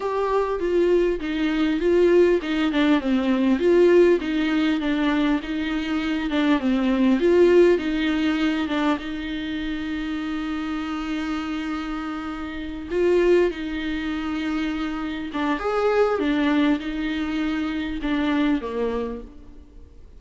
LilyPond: \new Staff \with { instrumentName = "viola" } { \time 4/4 \tempo 4 = 100 g'4 f'4 dis'4 f'4 | dis'8 d'8 c'4 f'4 dis'4 | d'4 dis'4. d'8 c'4 | f'4 dis'4. d'8 dis'4~ |
dis'1~ | dis'4. f'4 dis'4.~ | dis'4. d'8 gis'4 d'4 | dis'2 d'4 ais4 | }